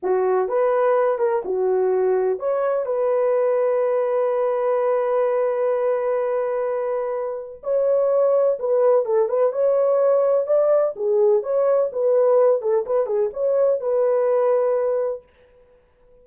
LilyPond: \new Staff \with { instrumentName = "horn" } { \time 4/4 \tempo 4 = 126 fis'4 b'4. ais'8 fis'4~ | fis'4 cis''4 b'2~ | b'1~ | b'1 |
cis''2 b'4 a'8 b'8 | cis''2 d''4 gis'4 | cis''4 b'4. a'8 b'8 gis'8 | cis''4 b'2. | }